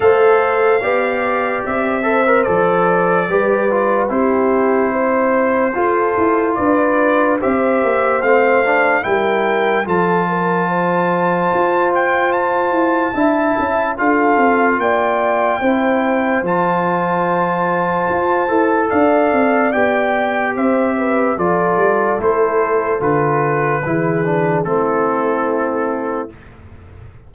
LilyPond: <<
  \new Staff \with { instrumentName = "trumpet" } { \time 4/4 \tempo 4 = 73 f''2 e''4 d''4~ | d''4 c''2. | d''4 e''4 f''4 g''4 | a''2~ a''8 g''8 a''4~ |
a''4 f''4 g''2 | a''2. f''4 | g''4 e''4 d''4 c''4 | b'2 a'2 | }
  \new Staff \with { instrumentName = "horn" } { \time 4/4 c''4 d''4. c''4. | b'4 g'4 c''4 a'4 | b'4 c''2 ais'4 | a'8 ais'8 c''2. |
e''4 a'4 d''4 c''4~ | c''2. d''4~ | d''4 c''8 b'8 a'2~ | a'4 gis'4 e'2 | }
  \new Staff \with { instrumentName = "trombone" } { \time 4/4 a'4 g'4. a'16 ais'16 a'4 | g'8 f'8 e'2 f'4~ | f'4 g'4 c'8 d'8 e'4 | f'1 |
e'4 f'2 e'4 | f'2~ f'8 a'4. | g'2 f'4 e'4 | f'4 e'8 d'8 c'2 | }
  \new Staff \with { instrumentName = "tuba" } { \time 4/4 a4 b4 c'4 f4 | g4 c'2 f'8 e'8 | d'4 c'8 ais8 a4 g4 | f2 f'4. e'8 |
d'8 cis'8 d'8 c'8 ais4 c'4 | f2 f'8 e'8 d'8 c'8 | b4 c'4 f8 g8 a4 | d4 e4 a2 | }
>>